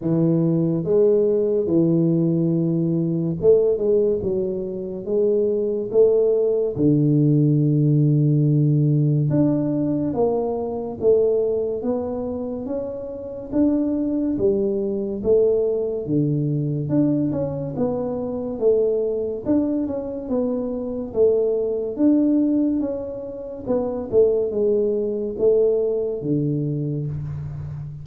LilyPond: \new Staff \with { instrumentName = "tuba" } { \time 4/4 \tempo 4 = 71 e4 gis4 e2 | a8 gis8 fis4 gis4 a4 | d2. d'4 | ais4 a4 b4 cis'4 |
d'4 g4 a4 d4 | d'8 cis'8 b4 a4 d'8 cis'8 | b4 a4 d'4 cis'4 | b8 a8 gis4 a4 d4 | }